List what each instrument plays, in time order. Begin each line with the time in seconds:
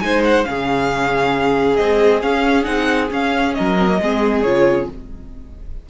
0.00 cello G#3, viola D#4, violin C5 G#5
0.24 violin F#5
0.44 cello C#3, viola C#4, violin G#4 F5
1.76 viola G#3, cello C4, violin D#5
2.22 viola C#4, cello C#4, violin F5
2.63 cello C4, viola D#4, violin F#5
3.10 viola C#4, cello C#4, violin F5
3.54 cello F#3, violin A#4 D#5
3.77 viola C4
3.88 viola A#3
4.00 cello G#3, viola C4, violin G#4
4.42 cello C#3, viola F4, violin C#5